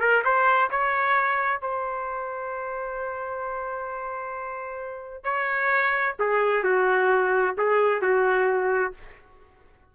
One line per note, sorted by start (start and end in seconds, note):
0.00 0.23 A#4
0.24 0.70 C5
0.71 1.61 C#5
1.61 5.23 C5
5.23 6.15 C#5
6.19 6.63 G#4
6.63 7.55 F#4
7.57 8.02 G#4
8.02 8.93 F#4